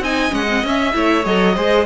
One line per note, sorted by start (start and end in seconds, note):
0.00 0.31 C4
0.00 0.31 D#4
0.00 0.95 D#5
0.00 0.35 G#5
0.31 0.64 G#3
0.31 0.46 C#4
0.31 0.66 F#5
0.49 0.65 C4
0.64 0.95 C#4
0.64 0.94 C#4
0.64 1.26 E5
0.94 1.26 A3
0.94 1.25 E4
0.94 1.55 C#5
1.25 1.57 F#3
1.25 1.56 A4
1.25 1.86 D#5
1.55 1.86 G#3
1.55 1.86 G#4
1.55 1.86 C5